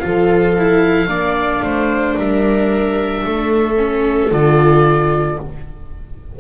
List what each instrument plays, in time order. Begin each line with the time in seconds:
0.00 double bass F3, viola F4 A4, oboe F5
0.59 viola E4
1.08 double bass A#3, viola D4 D5
1.62 double bass A3, viola C5
2.18 double bass G3, viola A#4, oboe E5
3.25 double bass A3, viola A4
3.77 viola C#4
4.31 double bass D3, viola F4, oboe D5